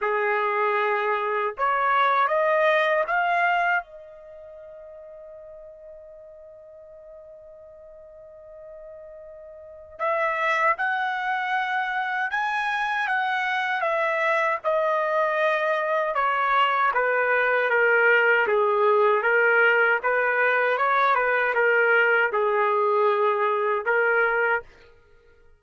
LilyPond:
\new Staff \with { instrumentName = "trumpet" } { \time 4/4 \tempo 4 = 78 gis'2 cis''4 dis''4 | f''4 dis''2.~ | dis''1~ | dis''4 e''4 fis''2 |
gis''4 fis''4 e''4 dis''4~ | dis''4 cis''4 b'4 ais'4 | gis'4 ais'4 b'4 cis''8 b'8 | ais'4 gis'2 ais'4 | }